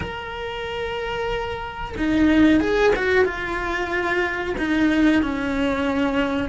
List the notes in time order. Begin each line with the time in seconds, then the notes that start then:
0.00 A#4
1.97 D#4
2.60 G#4
2.96 F#4
3.24 F4
4.58 D#4
5.22 C#4